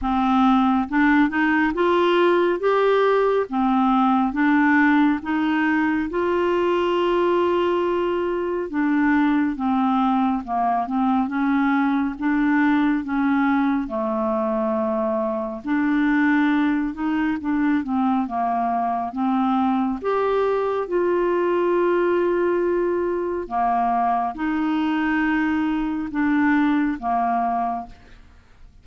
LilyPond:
\new Staff \with { instrumentName = "clarinet" } { \time 4/4 \tempo 4 = 69 c'4 d'8 dis'8 f'4 g'4 | c'4 d'4 dis'4 f'4~ | f'2 d'4 c'4 | ais8 c'8 cis'4 d'4 cis'4 |
a2 d'4. dis'8 | d'8 c'8 ais4 c'4 g'4 | f'2. ais4 | dis'2 d'4 ais4 | }